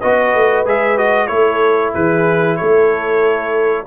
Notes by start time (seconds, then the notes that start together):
0.00 B3 F#4 B4 D#5
0.35 A3
0.66 G#3 G#4 E5
0.98 F#4 D#5
1.27 A3 E4 A4 C#5
1.94 E3 G#4 B4
2.57 A3 A4 C#5